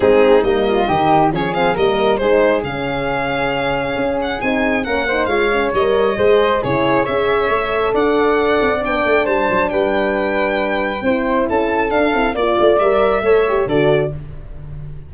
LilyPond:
<<
  \new Staff \with { instrumentName = "violin" } { \time 4/4 \tempo 4 = 136 gis'4 dis''2 cis''8 f''8 | dis''4 c''4 f''2~ | f''4. fis''8 gis''4 fis''4 | f''4 dis''2 cis''4 |
e''2 fis''2 | g''4 a''4 g''2~ | g''2 a''4 f''4 | d''4 e''2 d''4 | }
  \new Staff \with { instrumentName = "flute" } { \time 4/4 dis'4. f'8 g'4 gis'4 | ais'4 gis'2.~ | gis'2. ais'8 c''8 | cis''2 c''4 gis'4 |
cis''2 d''2~ | d''4 c''4 b'2~ | b'4 c''4 a'2 | d''2 cis''4 a'4 | }
  \new Staff \with { instrumentName = "horn" } { \time 4/4 c'4 ais4 dis'4 cis'8 c'8 | ais4 dis'4 cis'2~ | cis'2 dis'4 cis'8 dis'8 | f'8 cis'8 ais'4 gis'4 e'4 |
gis'4 a'2. | d'1~ | d'4 e'2 d'8 e'8 | f'4 ais'4 a'8 g'8 fis'4 | }
  \new Staff \with { instrumentName = "tuba" } { \time 4/4 gis4 g4 dis4 f4 | g4 gis4 cis2~ | cis4 cis'4 c'4 ais4 | gis4 g4 gis4 cis4 |
cis'4 a4 d'4. c'8 | b8 a8 g8 fis8 g2~ | g4 c'4 cis'4 d'8 c'8 | ais8 a8 g4 a4 d4 | }
>>